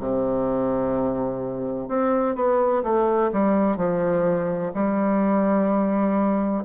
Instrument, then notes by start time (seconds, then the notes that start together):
bassoon
0.00 C3
1.89 C4
2.35 B3
2.84 A3
3.33 G3
3.77 F3
4.74 G3